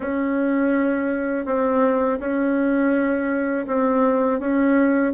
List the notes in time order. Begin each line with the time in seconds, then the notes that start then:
0.00 C#4
1.45 C4
2.19 C#4
3.67 C4
4.39 C#4